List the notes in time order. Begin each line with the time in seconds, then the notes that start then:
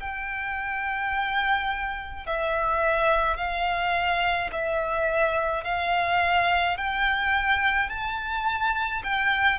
0.00 G5
2.26 E5
3.37 F5
4.52 E5
5.64 F5
6.77 G5
7.89 A5
9.04 G5